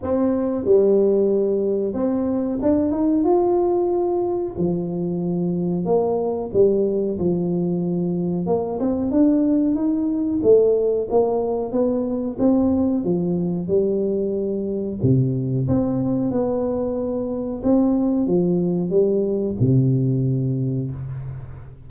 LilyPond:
\new Staff \with { instrumentName = "tuba" } { \time 4/4 \tempo 4 = 92 c'4 g2 c'4 | d'8 dis'8 f'2 f4~ | f4 ais4 g4 f4~ | f4 ais8 c'8 d'4 dis'4 |
a4 ais4 b4 c'4 | f4 g2 c4 | c'4 b2 c'4 | f4 g4 c2 | }